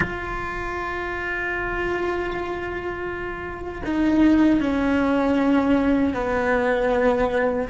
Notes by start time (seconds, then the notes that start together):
0.00 F4
3.85 D#4
4.60 C#4
6.14 B3